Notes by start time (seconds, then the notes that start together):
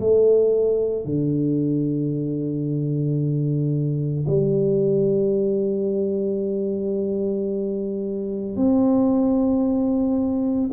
0.00 A3
1.05 D3
4.28 G3
8.57 C4